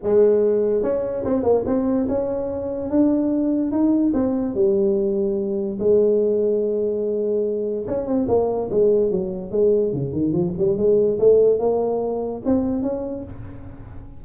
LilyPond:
\new Staff \with { instrumentName = "tuba" } { \time 4/4 \tempo 4 = 145 gis2 cis'4 c'8 ais8 | c'4 cis'2 d'4~ | d'4 dis'4 c'4 g4~ | g2 gis2~ |
gis2. cis'8 c'8 | ais4 gis4 fis4 gis4 | cis8 dis8 f8 g8 gis4 a4 | ais2 c'4 cis'4 | }